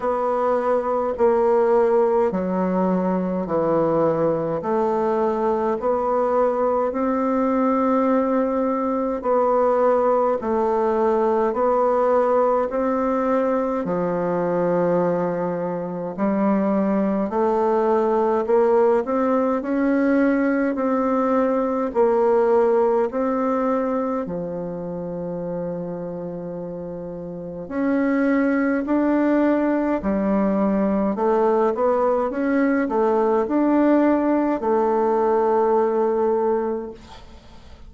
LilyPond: \new Staff \with { instrumentName = "bassoon" } { \time 4/4 \tempo 4 = 52 b4 ais4 fis4 e4 | a4 b4 c'2 | b4 a4 b4 c'4 | f2 g4 a4 |
ais8 c'8 cis'4 c'4 ais4 | c'4 f2. | cis'4 d'4 g4 a8 b8 | cis'8 a8 d'4 a2 | }